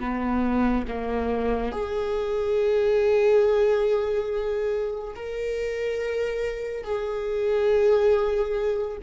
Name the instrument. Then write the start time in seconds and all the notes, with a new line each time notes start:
viola
0.00 B3
0.88 A#3
1.72 G#4
5.16 A#4
6.84 G#4